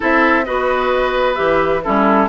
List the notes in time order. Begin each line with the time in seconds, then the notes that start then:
0.00 C4 E4 A4 E5
0.44 B3 F#4 B4 D#5
1.34 E3 G4 E5
1.83 G3 C#4 E4 A4